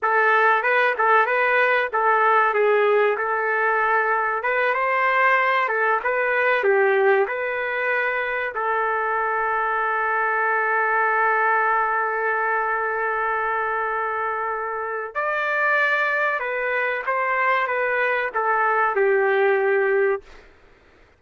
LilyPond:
\new Staff \with { instrumentName = "trumpet" } { \time 4/4 \tempo 4 = 95 a'4 b'8 a'8 b'4 a'4 | gis'4 a'2 b'8 c''8~ | c''4 a'8 b'4 g'4 b'8~ | b'4. a'2~ a'8~ |
a'1~ | a'1 | d''2 b'4 c''4 | b'4 a'4 g'2 | }